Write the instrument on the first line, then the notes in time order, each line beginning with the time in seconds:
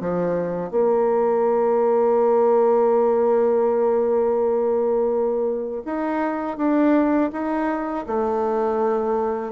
bassoon
0.00 F3
0.71 A#3
5.85 D#4
6.57 D4
7.32 D#4
8.06 A3